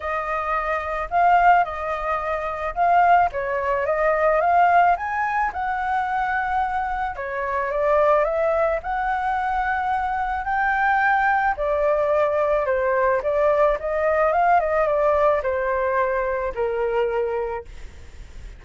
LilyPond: \new Staff \with { instrumentName = "flute" } { \time 4/4 \tempo 4 = 109 dis''2 f''4 dis''4~ | dis''4 f''4 cis''4 dis''4 | f''4 gis''4 fis''2~ | fis''4 cis''4 d''4 e''4 |
fis''2. g''4~ | g''4 d''2 c''4 | d''4 dis''4 f''8 dis''8 d''4 | c''2 ais'2 | }